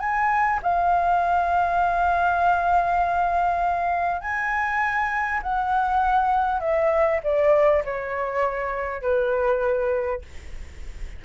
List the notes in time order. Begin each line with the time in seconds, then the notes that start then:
0.00 G#5
0.63 F5
4.21 G#5
5.43 F#5
6.61 E5
7.24 D5
7.85 C#5
9.02 B4